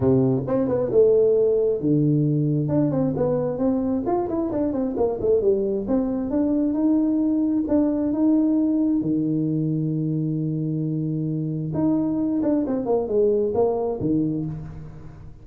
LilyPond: \new Staff \with { instrumentName = "tuba" } { \time 4/4 \tempo 4 = 133 c4 c'8 b8 a2 | d2 d'8 c'8 b4 | c'4 f'8 e'8 d'8 c'8 ais8 a8 | g4 c'4 d'4 dis'4~ |
dis'4 d'4 dis'2 | dis1~ | dis2 dis'4. d'8 | c'8 ais8 gis4 ais4 dis4 | }